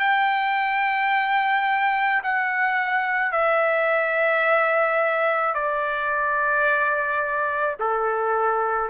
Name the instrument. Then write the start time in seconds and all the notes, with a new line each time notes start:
trumpet
0.00 G5
2.23 F#5
3.32 E5
5.55 D5
7.80 A4